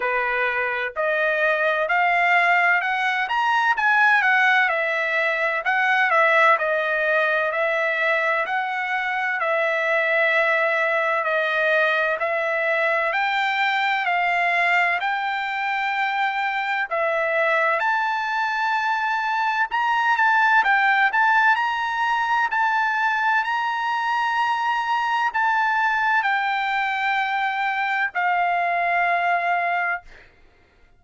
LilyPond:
\new Staff \with { instrumentName = "trumpet" } { \time 4/4 \tempo 4 = 64 b'4 dis''4 f''4 fis''8 ais''8 | gis''8 fis''8 e''4 fis''8 e''8 dis''4 | e''4 fis''4 e''2 | dis''4 e''4 g''4 f''4 |
g''2 e''4 a''4~ | a''4 ais''8 a''8 g''8 a''8 ais''4 | a''4 ais''2 a''4 | g''2 f''2 | }